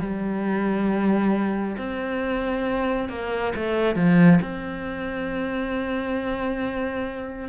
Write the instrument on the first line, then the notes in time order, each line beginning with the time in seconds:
cello
0.00 G3
1.77 C4
3.09 A#3
3.55 A3
3.95 F3
4.41 C4